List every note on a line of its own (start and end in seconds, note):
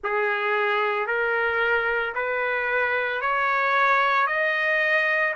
0.03 1.06 G#4
1.06 2.13 A#4
2.14 3.21 B4
3.21 4.26 C#5
4.26 5.33 D#5